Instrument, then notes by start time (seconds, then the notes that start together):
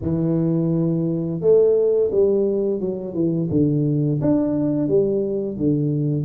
tuba
0.01 E3
1.40 A3
2.11 G3
2.80 F#3
3.14 E3
3.50 D3
4.21 D4
4.87 G3
5.57 D3